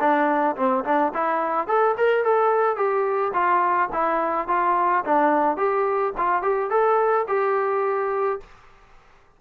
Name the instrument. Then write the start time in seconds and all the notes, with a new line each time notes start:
trombone
0.00 D4
0.57 C4
0.85 D4
1.14 E4
1.68 A4
1.98 A#4
2.24 A4
2.76 G4
3.34 F4
3.93 E4
4.48 F4
5.05 D4
5.57 G4
6.18 F4
6.43 G4
6.71 A4
7.28 G4